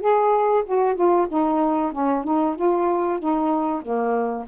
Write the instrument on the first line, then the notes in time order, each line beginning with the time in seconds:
saxophone
0.00 G#4
0.66 F#4
0.95 F4
1.29 D#4
1.92 C#4
2.24 D#4
2.56 F4
3.19 D#4
3.82 A#3